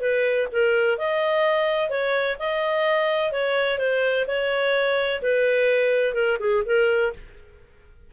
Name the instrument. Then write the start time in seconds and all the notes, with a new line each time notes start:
clarinet
0.00 B4
0.52 A#4
0.98 D#5
1.89 C#5
2.39 D#5
3.32 C#5
3.78 C5
4.27 C#5
5.22 B4
6.14 A#4
6.39 G#4
6.65 A#4